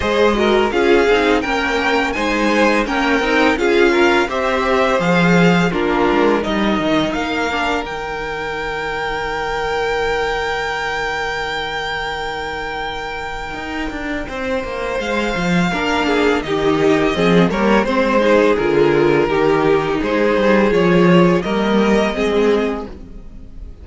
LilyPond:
<<
  \new Staff \with { instrumentName = "violin" } { \time 4/4 \tempo 4 = 84 dis''4 f''4 g''4 gis''4 | g''4 f''4 e''4 f''4 | ais'4 dis''4 f''4 g''4~ | g''1~ |
g''1~ | g''4 f''2 dis''4~ | dis''8 cis''8 c''4 ais'2 | c''4 cis''4 dis''2 | }
  \new Staff \with { instrumentName = "violin" } { \time 4/4 c''8 ais'8 gis'4 ais'4 c''4 | ais'4 gis'8 ais'8 c''2 | f'4 ais'2.~ | ais'1~ |
ais'1 | c''2 ais'8 gis'8 g'4 | gis'8 ais'8 c''8 gis'4. g'4 | gis'2 ais'4 gis'4 | }
  \new Staff \with { instrumentName = "viola" } { \time 4/4 gis'8 fis'8 f'8 dis'8 cis'4 dis'4 | cis'8 dis'8 f'4 g'4 gis'4 | d'4 dis'4. d'8 dis'4~ | dis'1~ |
dis'1~ | dis'2 d'4 dis'4 | c'8 ais8 c'8 dis'8 f'4 dis'4~ | dis'4 f'4 ais4 c'4 | }
  \new Staff \with { instrumentName = "cello" } { \time 4/4 gis4 cis'8 c'8 ais4 gis4 | ais8 c'8 cis'4 c'4 f4 | ais8 gis8 g8 dis8 ais4 dis4~ | dis1~ |
dis2. dis'8 d'8 | c'8 ais8 gis8 f8 ais4 dis4 | f8 g8 gis4 d4 dis4 | gis8 g8 f4 g4 gis4 | }
>>